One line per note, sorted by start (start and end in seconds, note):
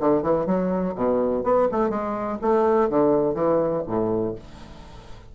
0.00 0.22 D3
0.22 0.46 E3
0.46 0.94 F#3
0.95 1.44 B2
1.44 1.68 B3
1.71 1.89 A3
1.89 2.38 G#3
2.41 2.89 A3
2.89 3.34 D3
3.34 3.83 E3
3.86 4.35 A2